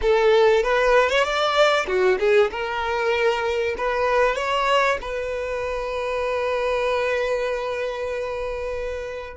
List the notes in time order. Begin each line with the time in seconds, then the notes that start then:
0.01 A4
0.63 B4
1.09 C#5
1.23 D5
1.87 F#4
2.19 G#4
2.50 A#4
3.77 B4
4.35 C#5
5.01 B4